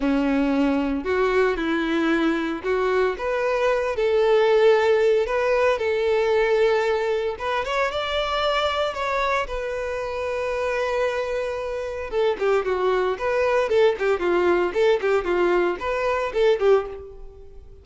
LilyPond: \new Staff \with { instrumentName = "violin" } { \time 4/4 \tempo 4 = 114 cis'2 fis'4 e'4~ | e'4 fis'4 b'4. a'8~ | a'2 b'4 a'4~ | a'2 b'8 cis''8 d''4~ |
d''4 cis''4 b'2~ | b'2. a'8 g'8 | fis'4 b'4 a'8 g'8 f'4 | a'8 g'8 f'4 b'4 a'8 g'8 | }